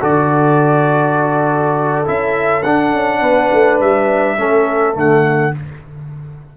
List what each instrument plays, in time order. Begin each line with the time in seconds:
0.00 tuba D3, trombone F#4, horn A4, trumpet D5
2.05 tuba C#4, trombone E4, trumpet E5
2.63 tuba D4, trombone D4, trumpet F#5
2.94 tuba C#4
3.21 tuba B3, horn B4
3.53 tuba A3
3.80 tuba G3, trumpet E5
4.37 tuba A3, trombone C#4, horn A4
4.94 tuba D3, trombone A3, trumpet F#5